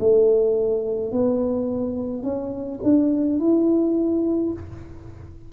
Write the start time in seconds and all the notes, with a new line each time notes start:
0.00 A3
1.12 B3
2.23 C#4
2.84 D4
3.40 E4